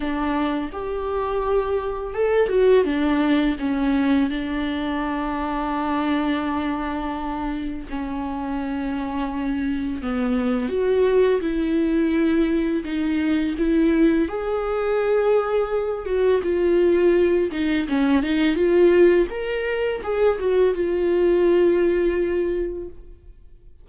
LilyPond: \new Staff \with { instrumentName = "viola" } { \time 4/4 \tempo 4 = 84 d'4 g'2 a'8 fis'8 | d'4 cis'4 d'2~ | d'2. cis'4~ | cis'2 b4 fis'4 |
e'2 dis'4 e'4 | gis'2~ gis'8 fis'8 f'4~ | f'8 dis'8 cis'8 dis'8 f'4 ais'4 | gis'8 fis'8 f'2. | }